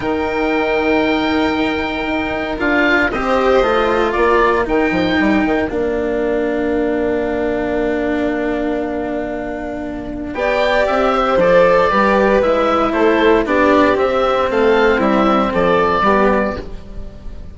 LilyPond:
<<
  \new Staff \with { instrumentName = "oboe" } { \time 4/4 \tempo 4 = 116 g''1~ | g''4 f''4 dis''2 | d''4 g''2 f''4~ | f''1~ |
f''1 | g''4 e''4 d''2 | e''4 c''4 d''4 e''4 | f''4 e''4 d''2 | }
  \new Staff \with { instrumentName = "violin" } { \time 4/4 ais'1~ | ais'2 c''2 | ais'1~ | ais'1~ |
ais'1 | d''4. c''4. b'4~ | b'4 a'4 g'2 | a'4 e'4 a'4 g'4 | }
  \new Staff \with { instrumentName = "cello" } { \time 4/4 dis'1~ | dis'4 f'4 g'4 f'4~ | f'4 dis'2 d'4~ | d'1~ |
d'1 | g'2 a'4 g'4 | e'2 d'4 c'4~ | c'2. b4 | }
  \new Staff \with { instrumentName = "bassoon" } { \time 4/4 dis1 | dis'4 d'4 c'4 a4 | ais4 dis8 f8 g8 dis8 ais4~ | ais1~ |
ais1 | b4 c'4 f4 g4 | gis4 a4 b4 c'4 | a4 g4 f4 g4 | }
>>